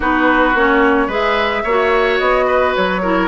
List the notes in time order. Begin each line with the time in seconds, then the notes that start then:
0.00 B3 D#4 F#4 B4
0.54 A#3 C#4 C#5
1.07 G#3 G#4 B4 E5
1.63 A#3 F#4 C#5
2.18 B3 D#5
2.46 B4
2.75 F#3 C#5
3.02 E4 A#4